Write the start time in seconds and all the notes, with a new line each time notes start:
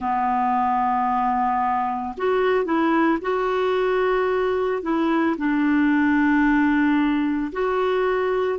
0.00 B3
2.17 F#4
2.64 E4
3.21 F#4
4.82 E4
5.37 D4
7.52 F#4